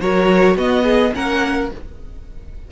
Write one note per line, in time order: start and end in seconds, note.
0.00 0.55 F#3
0.00 0.57 F#4
0.00 0.57 A#4
0.00 0.56 C#5
0.55 1.11 B3
0.55 1.13 B3
0.55 0.83 F#4
0.55 1.14 D#5
0.83 1.11 G#4
1.13 1.71 A#3
1.13 1.69 C#4
1.13 1.71 A#4
1.13 1.71 F#5